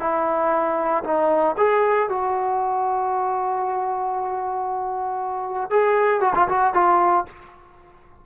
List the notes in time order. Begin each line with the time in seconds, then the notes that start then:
0.00 E4
1.04 D#4
1.58 G#4
2.09 F#4
5.70 G#4
6.21 F#4
6.35 F4
6.48 F#4
6.74 F4